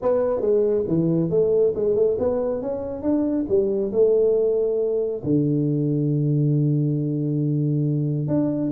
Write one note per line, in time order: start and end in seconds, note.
0.02 0.41 B3
0.41 0.84 G#3
0.87 1.30 E3
1.30 1.73 A3
1.75 1.95 G#3
1.95 2.17 A3
2.19 2.61 B3
2.61 3.02 C#4
3.02 3.45 D4
3.48 3.92 G3
3.92 5.23 A3
5.23 8.27 D3
8.27 8.71 D4